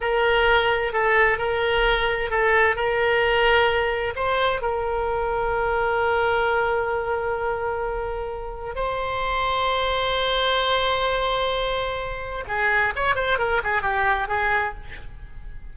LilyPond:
\new Staff \with { instrumentName = "oboe" } { \time 4/4 \tempo 4 = 130 ais'2 a'4 ais'4~ | ais'4 a'4 ais'2~ | ais'4 c''4 ais'2~ | ais'1~ |
ais'2. c''4~ | c''1~ | c''2. gis'4 | cis''8 c''8 ais'8 gis'8 g'4 gis'4 | }